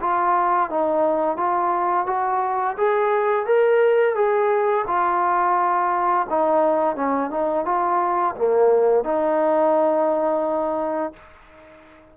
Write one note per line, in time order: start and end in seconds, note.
0.00 0.70 F4
0.70 1.36 D#4
1.36 2.06 F4
2.06 2.76 F#4
2.77 3.46 G#4
3.46 4.15 A#4
4.15 4.85 G#4
4.87 6.27 F4
6.29 6.95 D#4
6.95 7.30 C#4
7.30 7.65 D#4
7.65 8.35 F4
8.36 9.03 A#3
9.03 11.13 D#4